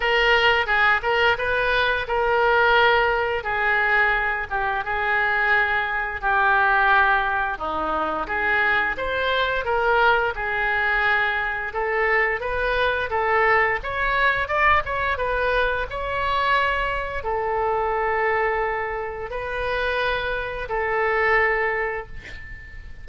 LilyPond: \new Staff \with { instrumentName = "oboe" } { \time 4/4 \tempo 4 = 87 ais'4 gis'8 ais'8 b'4 ais'4~ | ais'4 gis'4. g'8 gis'4~ | gis'4 g'2 dis'4 | gis'4 c''4 ais'4 gis'4~ |
gis'4 a'4 b'4 a'4 | cis''4 d''8 cis''8 b'4 cis''4~ | cis''4 a'2. | b'2 a'2 | }